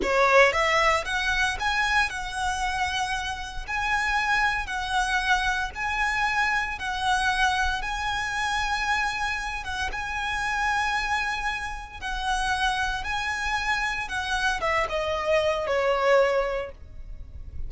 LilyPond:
\new Staff \with { instrumentName = "violin" } { \time 4/4 \tempo 4 = 115 cis''4 e''4 fis''4 gis''4 | fis''2. gis''4~ | gis''4 fis''2 gis''4~ | gis''4 fis''2 gis''4~ |
gis''2~ gis''8 fis''8 gis''4~ | gis''2. fis''4~ | fis''4 gis''2 fis''4 | e''8 dis''4. cis''2 | }